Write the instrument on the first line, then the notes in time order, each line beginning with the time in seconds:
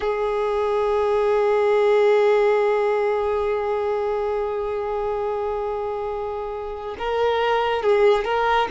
violin
0.00 G#4
6.98 A#4
7.82 G#4
8.24 A#4